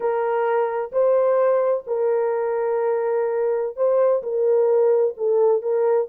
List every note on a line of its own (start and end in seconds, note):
0.00 0.91 A#4
0.92 1.83 C5
1.87 3.76 A#4
3.76 4.22 C5
4.22 5.14 A#4
5.17 5.61 A4
5.61 6.07 A#4